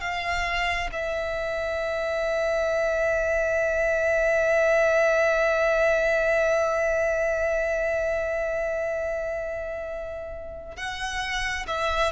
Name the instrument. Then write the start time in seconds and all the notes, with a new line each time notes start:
violin
0.00 F5
0.92 E5
10.76 F#5
11.67 E5